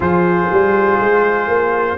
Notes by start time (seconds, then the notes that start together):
0.00 F3 F4 G#4 C5
0.51 G3
0.99 G#3
1.47 A#3